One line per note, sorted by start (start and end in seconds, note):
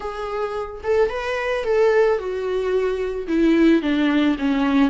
0.00 0.81 G#4
0.83 1.09 A4
1.09 1.64 B4
1.64 2.18 A4
2.18 3.27 F#4
3.27 3.82 E4
3.82 4.36 D4
4.38 4.90 C#4